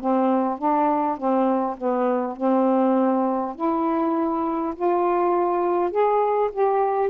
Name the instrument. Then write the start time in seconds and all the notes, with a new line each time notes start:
saxophone
0.00 C4
0.58 D4
1.17 C4
1.77 B3
2.37 C4
3.55 E4
4.76 F4
5.91 G#4
6.52 G4